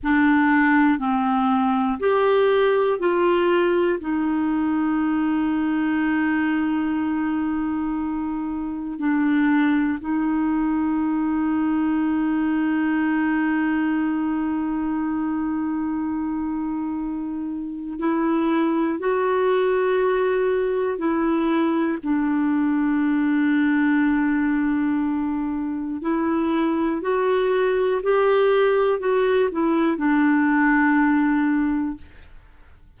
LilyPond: \new Staff \with { instrumentName = "clarinet" } { \time 4/4 \tempo 4 = 60 d'4 c'4 g'4 f'4 | dis'1~ | dis'4 d'4 dis'2~ | dis'1~ |
dis'2 e'4 fis'4~ | fis'4 e'4 d'2~ | d'2 e'4 fis'4 | g'4 fis'8 e'8 d'2 | }